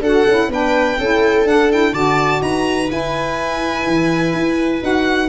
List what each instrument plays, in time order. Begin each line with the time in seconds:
0.00 tuba D4, saxophone F#4, viola A4, violin F#5
0.27 tuba C#4, saxophone E4
0.48 tuba B3, saxophone D4, viola B4, violin G5
0.98 tuba C#4, saxophone E4, viola A4
1.45 tuba D4, saxophone D4, violin F#5
1.70 saxophone E4, violin G5
1.93 tuba D3, saxophone F#4, viola D5, violin A5
2.41 tuba D#4, viola B4, violin A#5
2.88 saxophone E4, tuba E4, violin G#5
3.87 tuba E3
4.33 tuba E4
4.80 tuba D#4, saxophone F#4, violin F#5